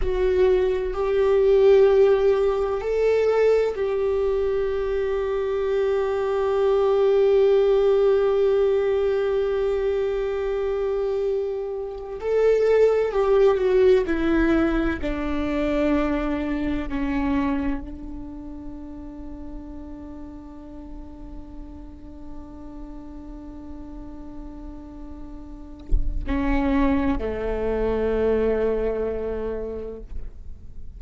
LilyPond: \new Staff \with { instrumentName = "viola" } { \time 4/4 \tempo 4 = 64 fis'4 g'2 a'4 | g'1~ | g'1~ | g'4 a'4 g'8 fis'8 e'4 |
d'2 cis'4 d'4~ | d'1~ | d'1 | cis'4 a2. | }